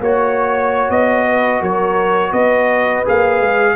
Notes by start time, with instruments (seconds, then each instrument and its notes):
0.00 tuba A#3, trombone F#4, horn C#5, trumpet C#5
0.90 tuba B3, trumpet D#5
1.28 horn B4
1.60 tuba F#3, horn A#4, trumpet C#5
2.29 tuba B3, horn B4, trumpet D#5
3.05 tuba A#3, trombone G#4, trumpet F5
3.41 tuba G#3